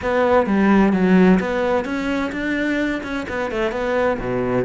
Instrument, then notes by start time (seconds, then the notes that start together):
cello
0.02 B3
0.46 G3
0.92 F#3
1.40 B3
1.84 C#4
2.32 D4
3.03 C#4
3.29 B3
3.51 A3
3.71 B3
4.19 B2